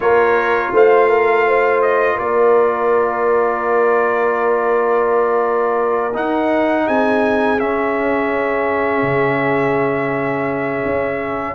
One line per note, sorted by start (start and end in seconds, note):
0.00 0.72 A#3
0.00 6.12 F4
0.00 0.73 A#4
0.00 0.73 C#5
0.72 2.16 A3
0.72 1.09 C5
0.72 1.81 F5
1.09 1.45 A#4
1.47 2.14 C5
1.81 2.18 D#5
2.14 6.16 A#3
2.14 6.84 A#4
2.14 6.16 D5
6.14 7.58 D#4
6.14 6.88 D#4
6.14 6.87 F#5
6.86 7.58 C4
6.86 11.55 G#4
6.86 7.59 G#5
7.58 11.55 C#4
7.58 9.02 C#4
7.58 11.55 E5
9.02 10.83 C#3
10.85 11.55 C#4